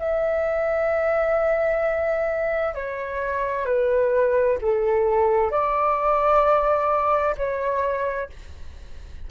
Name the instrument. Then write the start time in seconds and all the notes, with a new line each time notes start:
flute
0.00 E5
2.75 C#5
3.66 B4
4.62 A4
5.51 D5
7.38 C#5